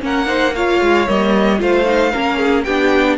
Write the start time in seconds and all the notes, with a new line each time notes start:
0.00 A#3 C#4 A#4 F#5
0.26 D#4 C5
0.55 F4 C#5 F5
0.81 G#3
1.07 G3 A#3 D#5
1.58 A3 F4 C5 F5
1.85 D#4
2.12 A#3 C#4 A#4
2.38 G#4
2.63 B3 D4 G4 G5